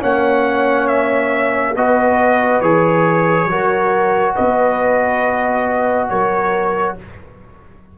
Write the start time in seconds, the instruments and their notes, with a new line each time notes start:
0.00 tuba A#3, trombone C#4, horn C#5, trumpet F#5
0.87 trumpet E5
1.76 tuba B3, trombone F#4, horn B4, trumpet D#5
2.61 tuba E3, trombone G#4, trumpet C#5
3.45 tuba F#3, trombone F#4, horn A#4
4.35 tuba B3, horn B4, trumpet D#5
6.09 tuba F#3, horn A#4, trumpet C#5